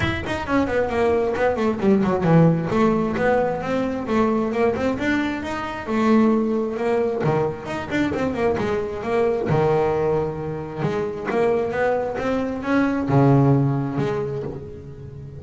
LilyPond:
\new Staff \with { instrumentName = "double bass" } { \time 4/4 \tempo 4 = 133 e'8 dis'8 cis'8 b8 ais4 b8 a8 | g8 fis8 e4 a4 b4 | c'4 a4 ais8 c'8 d'4 | dis'4 a2 ais4 |
dis4 dis'8 d'8 c'8 ais8 gis4 | ais4 dis2. | gis4 ais4 b4 c'4 | cis'4 cis2 gis4 | }